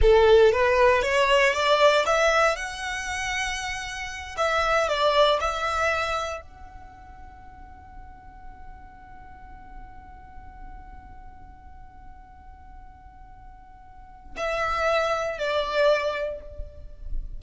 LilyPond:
\new Staff \with { instrumentName = "violin" } { \time 4/4 \tempo 4 = 117 a'4 b'4 cis''4 d''4 | e''4 fis''2.~ | fis''8 e''4 d''4 e''4.~ | e''8 fis''2.~ fis''8~ |
fis''1~ | fis''1~ | fis''1 | e''2 d''2 | }